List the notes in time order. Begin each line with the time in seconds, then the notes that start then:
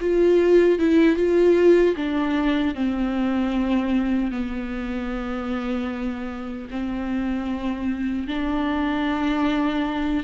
0.00 F4
0.79 E4
1.16 F4
1.96 D4
2.75 C4
4.31 B3
6.70 C4
8.27 D4